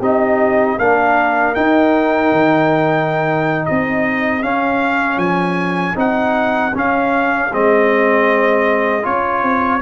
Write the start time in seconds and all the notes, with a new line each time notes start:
0.00 C4 D#4 G4 D#5
0.79 A#3 D4 A#4 F5
1.55 D#4 G5
2.32 D#3
3.66 C4 G#4 D#5
4.43 C#4 F5
5.17 F3 G#5
5.95 C4 D#4 F#5
6.75 C#4 F5
7.53 G#3 C4 D#5
9.03 C#4 F4 C#5
9.43 C4